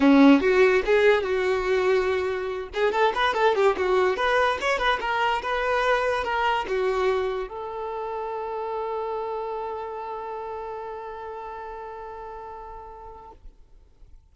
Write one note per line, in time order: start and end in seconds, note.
0.00 0.41 C#4
0.41 0.82 F#4
0.85 1.23 G#4
1.23 2.68 F#4
2.74 2.92 G#4
2.92 3.12 A4
3.15 3.34 B4
3.34 3.55 A4
3.55 3.76 G4
3.77 4.16 F#4
4.16 4.58 B4
4.60 4.78 C#5
4.78 4.99 B4
5.00 5.42 A#4
5.42 6.24 B4
6.24 6.65 A#4
6.68 7.48 F#4
7.48 13.31 A4